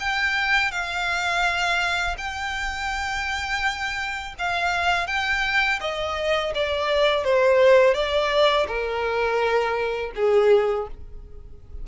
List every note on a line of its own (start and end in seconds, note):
0.00 0.72 G5
0.72 2.16 F5
2.18 4.35 G5
4.39 5.07 F5
5.07 5.80 G5
5.81 6.53 D#5
6.55 7.25 D5
7.25 7.95 C5
7.95 8.67 D5
8.68 10.12 A#4
10.16 10.88 G#4